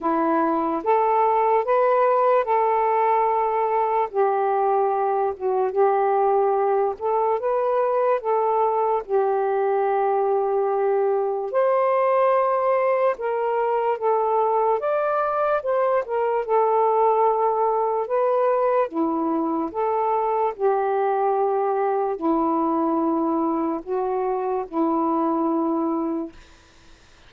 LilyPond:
\new Staff \with { instrumentName = "saxophone" } { \time 4/4 \tempo 4 = 73 e'4 a'4 b'4 a'4~ | a'4 g'4. fis'8 g'4~ | g'8 a'8 b'4 a'4 g'4~ | g'2 c''2 |
ais'4 a'4 d''4 c''8 ais'8 | a'2 b'4 e'4 | a'4 g'2 e'4~ | e'4 fis'4 e'2 | }